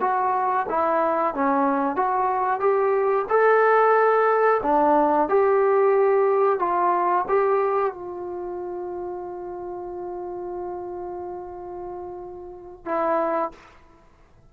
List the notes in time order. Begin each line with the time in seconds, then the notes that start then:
0.00 F#4
0.69 E4
1.34 C#4
1.95 F#4
2.60 G4
3.29 A4
4.62 D4
5.28 G4
6.59 F4
7.28 G4
7.93 F4
12.85 E4